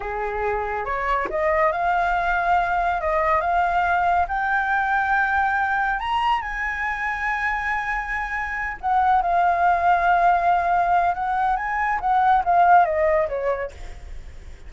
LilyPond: \new Staff \with { instrumentName = "flute" } { \time 4/4 \tempo 4 = 140 gis'2 cis''4 dis''4 | f''2. dis''4 | f''2 g''2~ | g''2 ais''4 gis''4~ |
gis''1~ | gis''8 fis''4 f''2~ f''8~ | f''2 fis''4 gis''4 | fis''4 f''4 dis''4 cis''4 | }